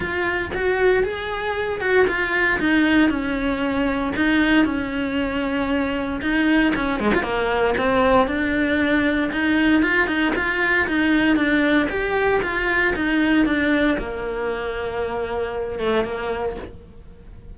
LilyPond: \new Staff \with { instrumentName = "cello" } { \time 4/4 \tempo 4 = 116 f'4 fis'4 gis'4. fis'8 | f'4 dis'4 cis'2 | dis'4 cis'2. | dis'4 cis'8 gis16 f'16 ais4 c'4 |
d'2 dis'4 f'8 dis'8 | f'4 dis'4 d'4 g'4 | f'4 dis'4 d'4 ais4~ | ais2~ ais8 a8 ais4 | }